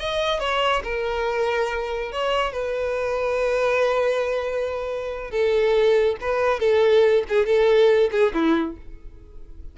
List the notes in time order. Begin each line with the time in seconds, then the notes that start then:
0.00 D#5
0.40 C#5
0.84 A#4
2.12 C#5
2.53 B4
5.31 A4
6.21 B4
6.60 A4
7.29 G#4
7.47 A4
8.12 G#4
8.34 E4